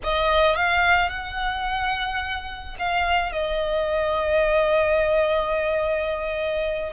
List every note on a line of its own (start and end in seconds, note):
0.03 0.55 D#5
0.55 1.09 F5
1.09 2.76 F#5
2.78 3.32 F5
3.32 6.93 D#5